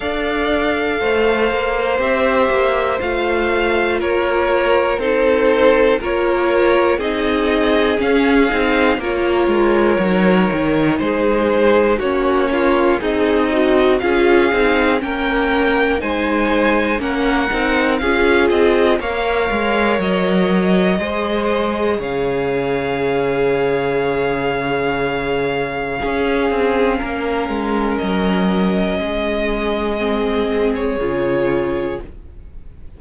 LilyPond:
<<
  \new Staff \with { instrumentName = "violin" } { \time 4/4 \tempo 4 = 60 f''2 e''4 f''4 | cis''4 c''4 cis''4 dis''4 | f''4 cis''2 c''4 | cis''4 dis''4 f''4 g''4 |
gis''4 fis''4 f''8 dis''8 f''4 | dis''2 f''2~ | f''1 | dis''2~ dis''8. cis''4~ cis''16 | }
  \new Staff \with { instrumentName = "violin" } { \time 4/4 d''4 c''2. | ais'4 a'4 ais'4 gis'4~ | gis'4 ais'2 gis'4 | fis'8 f'8 dis'4 gis'4 ais'4 |
c''4 ais'4 gis'4 cis''4~ | cis''4 c''4 cis''2~ | cis''2 gis'4 ais'4~ | ais'4 gis'2. | }
  \new Staff \with { instrumentName = "viola" } { \time 4/4 a'2 g'4 f'4~ | f'4 dis'4 f'4 dis'4 | cis'8 dis'8 f'4 dis'2 | cis'4 gis'8 fis'8 f'8 dis'8 cis'4 |
dis'4 cis'8 dis'8 f'4 ais'4~ | ais'4 gis'2.~ | gis'2 cis'2~ | cis'2 c'4 f'4 | }
  \new Staff \with { instrumentName = "cello" } { \time 4/4 d'4 a8 ais8 c'8 ais8 a4 | ais4 c'4 ais4 c'4 | cis'8 c'8 ais8 gis8 fis8 dis8 gis4 | ais4 c'4 cis'8 c'8 ais4 |
gis4 ais8 c'8 cis'8 c'8 ais8 gis8 | fis4 gis4 cis2~ | cis2 cis'8 c'8 ais8 gis8 | fis4 gis2 cis4 | }
>>